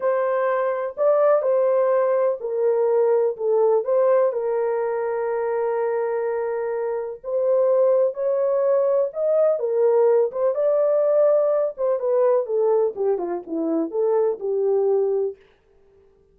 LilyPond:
\new Staff \with { instrumentName = "horn" } { \time 4/4 \tempo 4 = 125 c''2 d''4 c''4~ | c''4 ais'2 a'4 | c''4 ais'2.~ | ais'2. c''4~ |
c''4 cis''2 dis''4 | ais'4. c''8 d''2~ | d''8 c''8 b'4 a'4 g'8 f'8 | e'4 a'4 g'2 | }